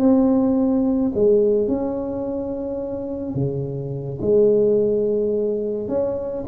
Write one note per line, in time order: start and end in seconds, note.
0.00 1.12 C4
1.15 1.68 G#3
1.68 3.35 C#4
3.35 4.19 C#3
4.21 5.88 G#3
5.88 6.44 C#4